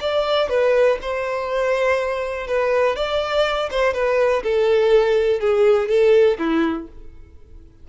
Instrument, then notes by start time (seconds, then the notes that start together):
violin
0.00 D5
0.49 B4
1.01 C5
2.47 B4
2.96 D5
3.71 C5
3.93 B4
4.43 A4
5.40 G#4
5.88 A4
6.38 E4